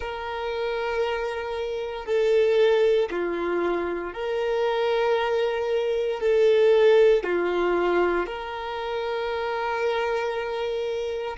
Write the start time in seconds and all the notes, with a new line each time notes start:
0.00 A#4
2.05 A4
3.10 F4
4.13 A#4
6.20 A4
7.23 F4
8.26 A#4